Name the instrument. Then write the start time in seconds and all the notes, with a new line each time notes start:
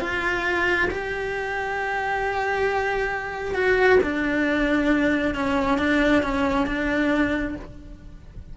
cello
0.00 F4
0.91 G4
3.55 F#4
4.03 D4
5.35 C#4
5.78 D4
6.22 C#4
6.66 D4